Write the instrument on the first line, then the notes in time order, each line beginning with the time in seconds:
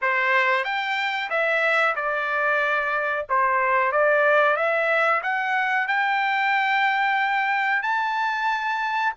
trumpet
0.01 C5
0.64 G5
1.30 E5
1.95 D5
3.29 C5
3.92 D5
4.56 E5
5.23 F#5
5.87 G5
7.82 A5